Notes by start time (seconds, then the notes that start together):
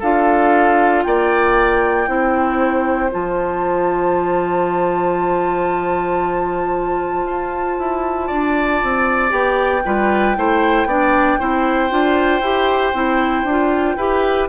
0.00 D4 F4 A4 F5
1.04 A#3 D5 G5
2.07 C4 E4 C5
3.11 F3 F4 A5
7.26 F4
7.79 E4
8.28 D4 D5
8.83 C4
9.30 B3 G4 G5
9.85 G3 F4 B4
10.36 A3 E4 C5
10.85 B3 D4 D5
11.39 C4 E4 C5
11.90 D4 F4
12.41 E4 G4
12.94 C4 E4
13.44 D4 F4
13.97 E4 G4 B4